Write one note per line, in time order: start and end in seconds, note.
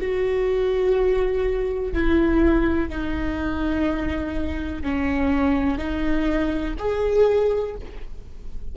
0.00 1.94 F#4
1.94 2.89 E4
2.89 4.83 D#4
4.83 5.78 C#4
5.78 6.75 D#4
6.79 7.76 G#4